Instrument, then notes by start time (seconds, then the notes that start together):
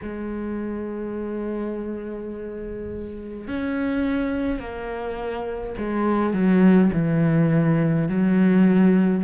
cello
0.02 G#3
3.47 C#4
4.59 A#3
5.77 G#3
6.33 F#3
6.92 E3
8.08 F#3